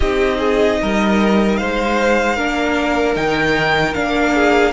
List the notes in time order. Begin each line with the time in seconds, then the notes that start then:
0.00 C4 D#4 G4 D#5
0.39 G#4
0.81 G3 A#4
1.56 G#3 C5 F5
2.36 A#3 D4 A#4
3.14 D#3 D#4 G5
3.94 A#3 D4 F5
4.34 G#4